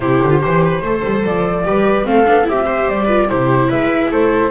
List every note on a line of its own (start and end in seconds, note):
0.00 0.20 C3
0.00 0.30 E4
0.00 0.42 G4
0.00 1.23 C5
0.22 0.43 D3
0.30 0.39 F4
0.39 0.81 E3
0.39 0.80 G4
0.39 0.62 C5
0.65 0.83 B4
0.81 1.02 A3
0.81 1.64 A4
0.81 1.65 C5
1.03 1.24 G3
1.24 1.65 F3
1.24 2.05 D5
1.64 2.05 G3
1.64 2.03 G4
1.64 2.07 B4
2.03 2.26 A3
2.03 2.24 C4
2.03 2.49 A4
2.03 2.46 F5
2.25 2.47 B3
2.25 2.43 D4
2.43 2.88 C4
2.43 2.53 E4
2.43 2.65 G4
2.43 2.89 E5
2.58 2.64 F4
2.58 3.05 G4
2.65 3.05 C5
2.88 3.29 G3
2.88 3.29 D5
3.05 3.28 F4
3.05 3.25 B4
3.28 3.71 C3
3.28 4.51 E4
3.28 3.68 G4
3.28 3.70 C5
3.68 4.10 G#3
3.68 4.09 B4
3.68 4.11 E5
4.10 4.51 A3
4.10 4.51 A4
4.10 4.51 C5